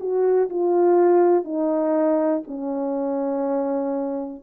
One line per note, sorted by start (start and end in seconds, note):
0.00 0.49 F#4
0.50 1.44 F4
1.44 2.43 D#4
2.47 4.44 C#4